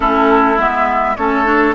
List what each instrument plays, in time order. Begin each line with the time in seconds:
0.00 bassoon A3, clarinet C#4, oboe E4, flute A4
0.57 bassoon G#3, clarinet B3, flute E5
1.15 bassoon A3, clarinet C#4, oboe A4, flute C#5
1.44 clarinet D4